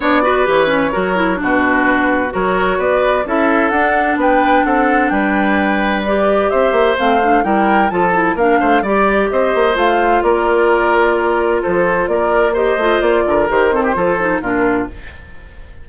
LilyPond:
<<
  \new Staff \with { instrumentName = "flute" } { \time 4/4 \tempo 4 = 129 d''4 cis''2 b'4~ | b'4 cis''4 d''4 e''4 | fis''4 g''4 fis''4 g''4~ | g''4 d''4 e''4 f''4 |
g''4 a''4 f''4 d''4 | dis''4 f''4 d''2~ | d''4 c''4 d''4 dis''4 | d''4 c''2 ais'4 | }
  \new Staff \with { instrumentName = "oboe" } { \time 4/4 cis''8 b'4. ais'4 fis'4~ | fis'4 ais'4 b'4 a'4~ | a'4 b'4 a'4 b'4~ | b'2 c''2 |
ais'4 a'4 ais'8 c''8 d''4 | c''2 ais'2~ | ais'4 a'4 ais'4 c''4~ | c''8 ais'4 a'16 g'16 a'4 f'4 | }
  \new Staff \with { instrumentName = "clarinet" } { \time 4/4 d'8 fis'8 g'8 cis'8 fis'8 e'8 d'4~ | d'4 fis'2 e'4 | d'1~ | d'4 g'2 c'8 d'8 |
e'4 f'8 e'8 d'4 g'4~ | g'4 f'2.~ | f'2. g'8 f'8~ | f'4 g'8 c'8 f'8 dis'8 d'4 | }
  \new Staff \with { instrumentName = "bassoon" } { \time 4/4 b4 e4 fis4 b,4~ | b,4 fis4 b4 cis'4 | d'4 b4 c'4 g4~ | g2 c'8 ais8 a4 |
g4 f4 ais8 a8 g4 | c'8 ais8 a4 ais2~ | ais4 f4 ais4. a8 | ais8 d8 dis4 f4 ais,4 | }
>>